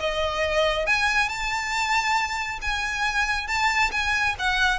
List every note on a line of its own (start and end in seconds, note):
0.00 0.86 D#5
0.86 1.29 G#5
1.29 2.59 A5
2.62 3.48 G#5
3.48 3.91 A5
3.92 4.35 G#5
4.39 4.79 F#5